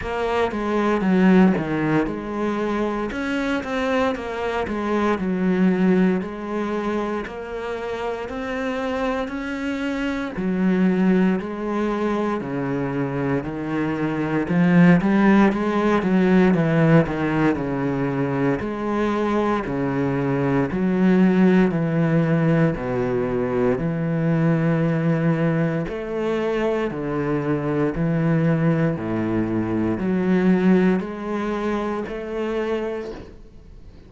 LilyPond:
\new Staff \with { instrumentName = "cello" } { \time 4/4 \tempo 4 = 58 ais8 gis8 fis8 dis8 gis4 cis'8 c'8 | ais8 gis8 fis4 gis4 ais4 | c'4 cis'4 fis4 gis4 | cis4 dis4 f8 g8 gis8 fis8 |
e8 dis8 cis4 gis4 cis4 | fis4 e4 b,4 e4~ | e4 a4 d4 e4 | a,4 fis4 gis4 a4 | }